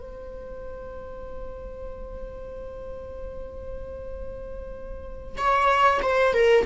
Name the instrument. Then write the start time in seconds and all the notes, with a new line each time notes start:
viola
0.00 C5
5.37 C#5
6.02 C5
6.34 A#4